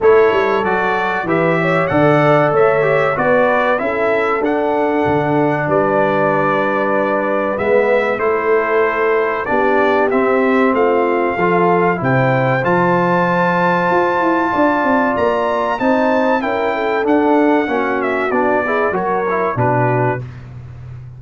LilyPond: <<
  \new Staff \with { instrumentName = "trumpet" } { \time 4/4 \tempo 4 = 95 cis''4 d''4 e''4 fis''4 | e''4 d''4 e''4 fis''4~ | fis''4 d''2. | e''4 c''2 d''4 |
e''4 f''2 g''4 | a''1 | ais''4 a''4 g''4 fis''4~ | fis''8 e''8 d''4 cis''4 b'4 | }
  \new Staff \with { instrumentName = "horn" } { \time 4/4 a'2 b'8 cis''8 d''4 | cis''4 b'4 a'2~ | a'4 b'2.~ | b'4 a'2 g'4~ |
g'4 f'4 a'4 c''4~ | c''2. d''4~ | d''4 c''4 ais'8 a'4. | fis'4. gis'8 ais'4 fis'4 | }
  \new Staff \with { instrumentName = "trombone" } { \time 4/4 e'4 fis'4 g'4 a'4~ | a'8 g'8 fis'4 e'4 d'4~ | d'1 | b4 e'2 d'4 |
c'2 f'4 e'4 | f'1~ | f'4 dis'4 e'4 d'4 | cis'4 d'8 e'8 fis'8 e'8 d'4 | }
  \new Staff \with { instrumentName = "tuba" } { \time 4/4 a8 g8 fis4 e4 d4 | a4 b4 cis'4 d'4 | d4 g2. | gis4 a2 b4 |
c'4 a4 f4 c4 | f2 f'8 e'8 d'8 c'8 | ais4 c'4 cis'4 d'4 | ais4 b4 fis4 b,4 | }
>>